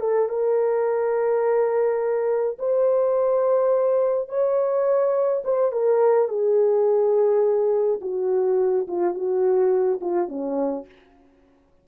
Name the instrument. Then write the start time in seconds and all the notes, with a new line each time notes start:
horn
0.00 A4
0.29 A#4
2.59 C5
4.29 C#5
5.44 C5
5.72 A#4
6.29 G#4
8.01 F#4
8.88 F4
9.14 F#4
10.01 F4
10.29 C#4